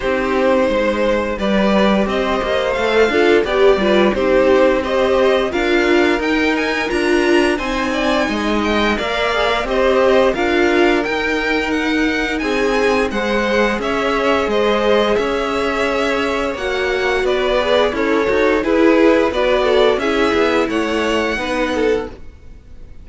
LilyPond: <<
  \new Staff \with { instrumentName = "violin" } { \time 4/4 \tempo 4 = 87 c''2 d''4 dis''4 | f''4 d''4 c''4 dis''4 | f''4 g''8 gis''8 ais''4 gis''4~ | gis''8 g''8 f''4 dis''4 f''4 |
g''4 fis''4 gis''4 fis''4 | e''4 dis''4 e''2 | fis''4 d''4 cis''4 b'4 | d''4 e''4 fis''2 | }
  \new Staff \with { instrumentName = "violin" } { \time 4/4 g'4 c''4 b'4 c''4~ | c''8 a'8 g'8 b'8 g'4 c''4 | ais'2. c''8 d''8 | dis''4 d''4 c''4 ais'4~ |
ais'2 gis'4 c''4 | cis''4 c''4 cis''2~ | cis''4 b'4 e'8 fis'8 gis'4 | b'8 a'8 gis'4 cis''4 b'8 a'8 | }
  \new Staff \with { instrumentName = "viola" } { \time 4/4 dis'2 g'2 | a'8 f'8 g'8 f'8 dis'4 g'4 | f'4 dis'4 f'4 dis'4~ | dis'4 ais'8 gis'16 ais'16 g'4 f'4 |
dis'2. gis'4~ | gis'1 | fis'4. gis'8 a'4 e'4 | fis'4 e'2 dis'4 | }
  \new Staff \with { instrumentName = "cello" } { \time 4/4 c'4 gis4 g4 c'8 ais8 | a8 d'8 b8 g8 c'2 | d'4 dis'4 d'4 c'4 | gis4 ais4 c'4 d'4 |
dis'2 c'4 gis4 | cis'4 gis4 cis'2 | ais4 b4 cis'8 dis'8 e'4 | b4 cis'8 b8 a4 b4 | }
>>